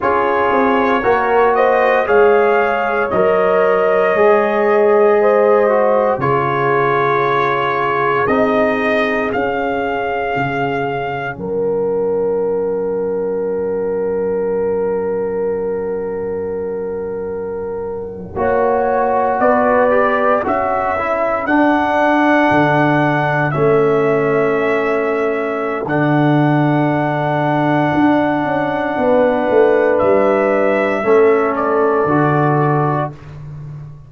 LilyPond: <<
  \new Staff \with { instrumentName = "trumpet" } { \time 4/4 \tempo 4 = 58 cis''4. dis''8 f''4 dis''4~ | dis''2 cis''2 | dis''4 f''2 fis''4~ | fis''1~ |
fis''2~ fis''8. d''4 e''16~ | e''8. fis''2 e''4~ e''16~ | e''4 fis''2.~ | fis''4 e''4. d''4. | }
  \new Staff \with { instrumentName = "horn" } { \time 4/4 gis'4 ais'8 c''8 cis''2~ | cis''4 c''4 gis'2~ | gis'2. ais'4~ | ais'1~ |
ais'4.~ ais'16 cis''4 b'4 a'16~ | a'1~ | a'1 | b'2 a'2 | }
  \new Staff \with { instrumentName = "trombone" } { \time 4/4 f'4 fis'4 gis'4 ais'4 | gis'4. fis'8 f'2 | dis'4 cis'2.~ | cis'1~ |
cis'4.~ cis'16 fis'4. g'8 fis'16~ | fis'16 e'8 d'2 cis'4~ cis'16~ | cis'4 d'2.~ | d'2 cis'4 fis'4 | }
  \new Staff \with { instrumentName = "tuba" } { \time 4/4 cis'8 c'8 ais4 gis4 fis4 | gis2 cis2 | c'4 cis'4 cis4 fis4~ | fis1~ |
fis4.~ fis16 ais4 b4 cis'16~ | cis'8. d'4 d4 a4~ a16~ | a4 d2 d'8 cis'8 | b8 a8 g4 a4 d4 | }
>>